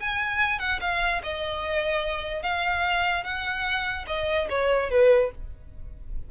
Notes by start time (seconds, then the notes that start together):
0.00 G#5
0.59 F#5
0.81 F5
1.23 D#5
2.43 F5
3.24 F#5
4.07 D#5
4.49 C#5
4.90 B4